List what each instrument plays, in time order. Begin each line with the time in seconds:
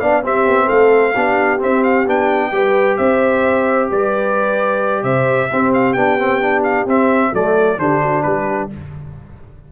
0.00 tuba B3, trombone D4, horn D5, trumpet F5
0.23 trombone C4, tuba C4, horn G4, trumpet E5
0.46 tuba B3
0.65 tuba A3, horn A4, trumpet F5
1.14 tuba B3, trombone D4, horn G4
1.59 trombone C4, tuba C4, trumpet E5
1.84 trumpet F5
2.07 tuba B3, trombone D4, trumpet G5
2.52 tuba G3, trombone G4, horn B4
2.97 tuba C4, horn C5, trumpet E5
3.90 tuba G3, horn B4, trumpet D5
5.04 tuba C3, horn C5, trumpet E5
5.52 trombone C4, tuba C4, horn G4
5.74 trumpet F5
5.94 tuba B3, trombone D4, trumpet G5
6.19 trombone C4
6.42 trombone D4
6.64 trumpet F5
6.86 tuba C4, trombone C4, trumpet E5
7.32 tuba F#3, trombone A3, horn A4, trumpet D5
7.78 tuba D3, trombone D4, horn G4, trumpet C5
8.02 horn F#4
8.23 tuba G3, horn G4, trumpet B4